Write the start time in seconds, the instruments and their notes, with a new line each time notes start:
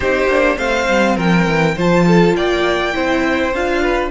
0.00 cello C4, viola D#4, violin G4 C5
0.27 cello A#3, viola D4
0.57 cello A3, viola C4, violin C5 F5
0.87 cello G3
1.16 cello F3, violin A#4 G5
1.46 cello E3
1.75 cello F3, viola F4, violin C5 A5
2.07 violin A4
2.35 cello A#3, violin D5 G5
2.93 cello C4, viola E4, violin C5
3.53 cello D4, viola F4, violin F5
3.82 violin B4